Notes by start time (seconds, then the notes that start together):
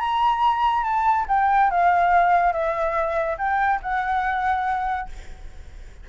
0.00 A#5
0.84 A5
1.28 G5
1.71 F5
2.53 E5
3.38 G5
3.82 F#5